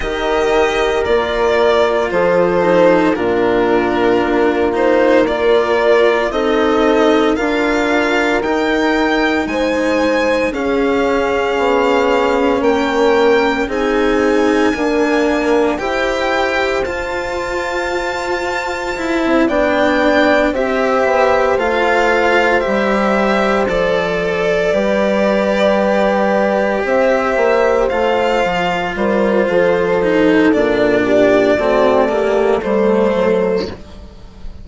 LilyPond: <<
  \new Staff \with { instrumentName = "violin" } { \time 4/4 \tempo 4 = 57 dis''4 d''4 c''4 ais'4~ | ais'8 c''8 d''4 dis''4 f''4 | g''4 gis''4 f''2 | g''4 gis''2 g''4 |
a''2~ a''8 g''4 e''8~ | e''8 f''4 e''4 d''4.~ | d''4. e''4 f''4 c''8~ | c''4 d''2 c''4 | }
  \new Staff \with { instrumentName = "horn" } { \time 4/4 ais'2 a'4 f'4~ | f'4 ais'4 a'4 ais'4~ | ais'4 c''4 gis'2 | ais'4 gis'4 ais'4 c''4~ |
c''2~ c''8 d''4 c''8~ | c''2.~ c''8 b'8~ | b'4. c''2 ais'8 | a'4. g'8 fis'8 g'8 a'4 | }
  \new Staff \with { instrumentName = "cello" } { \time 4/4 g'4 f'4. dis'8 d'4~ | d'8 dis'8 f'4 dis'4 f'4 | dis'2 cis'2~ | cis'4 dis'4 ais4 g'4 |
f'2 e'8 d'4 g'8~ | g'8 f'4 g'4 a'4 g'8~ | g'2~ g'8 f'4.~ | f'8 dis'8 d'4 c'8 ais8 a4 | }
  \new Staff \with { instrumentName = "bassoon" } { \time 4/4 dis4 ais4 f4 ais,4 | ais2 c'4 d'4 | dis'4 gis4 cis'4 b4 | ais4 c'4 d'4 e'4 |
f'2~ f'16 c'16 b4 c'8 | b8 a4 g4 f4 g8~ | g4. c'8 ais8 a8 f8 g8 | f4 ais,4 a4 g8 fis8 | }
>>